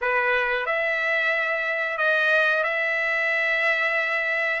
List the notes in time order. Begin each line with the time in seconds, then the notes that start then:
0.01 B4
0.66 E5
1.97 D#5
2.63 E5